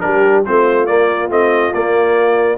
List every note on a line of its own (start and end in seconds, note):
0.00 0.47 G3
0.00 0.44 D4
0.00 0.45 G4
0.00 0.43 A#4
0.45 0.89 A3
0.45 0.87 C4
0.45 2.57 F4
0.45 0.86 C5
0.86 1.30 A#3
0.86 1.29 D5
1.30 1.73 A3
1.30 1.73 C4
1.30 1.73 D#5
1.73 2.57 A#3
1.73 2.57 D5